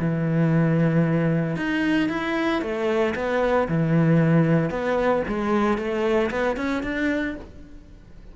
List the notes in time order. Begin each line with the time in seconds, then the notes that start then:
0.00 E3
1.56 D#4
2.10 E4
2.62 A3
3.15 B3
3.68 E3
4.70 B3
5.28 G#3
5.78 A3
6.31 B3
6.57 C#4
6.83 D4